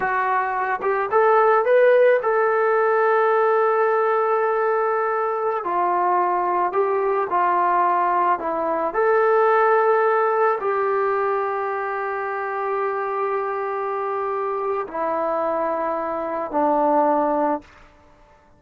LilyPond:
\new Staff \with { instrumentName = "trombone" } { \time 4/4 \tempo 4 = 109 fis'4. g'8 a'4 b'4 | a'1~ | a'2~ a'16 f'4.~ f'16~ | f'16 g'4 f'2 e'8.~ |
e'16 a'2. g'8.~ | g'1~ | g'2. e'4~ | e'2 d'2 | }